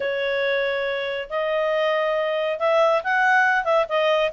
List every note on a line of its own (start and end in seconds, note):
0.00 1.28 C#5
1.29 2.59 D#5
2.59 3.02 E5
3.03 3.64 F#5
3.64 3.86 E5
3.88 4.32 D#5